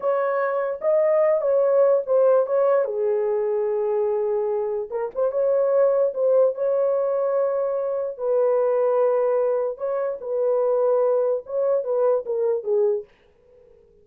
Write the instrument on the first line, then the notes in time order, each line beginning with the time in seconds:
horn
0.00 C#5
0.81 D#5
1.41 C#5
2.06 C5
2.46 C#5
2.85 G#4
4.90 A#4
5.14 C5
5.31 C#5
6.14 C5
6.55 C#5
8.17 B4
9.77 C#5
10.20 B4
11.45 C#5
11.84 B4
12.25 A#4
12.63 G#4